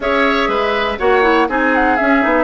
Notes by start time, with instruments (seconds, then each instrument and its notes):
0.00 bassoon C#4, clarinet G#4, oboe C#5, flute E5
0.48 bassoon G#3, oboe B4
0.98 bassoon A#3, clarinet F#4, oboe C#5, flute F#5
1.22 clarinet E4
1.48 bassoon C4, clarinet D#4, oboe G#4, flute G#5
1.74 flute F#5
1.96 clarinet C#4, bassoon C#4, flute E5
2.21 bassoon B3, clarinet D#4